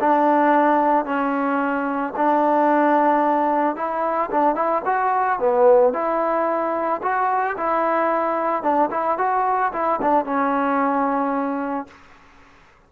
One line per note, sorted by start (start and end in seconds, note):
0.00 1.05 D4
1.05 2.14 C#4
2.16 3.76 D4
3.76 4.30 E4
4.31 4.55 D4
4.55 4.82 E4
4.85 5.39 F#4
5.39 5.93 B3
5.93 7.01 E4
7.02 7.57 F#4
7.57 8.63 E4
8.63 8.90 D4
8.91 9.18 E4
9.18 9.72 F#4
9.73 10.00 E4
10.02 10.25 D4
10.25 11.87 C#4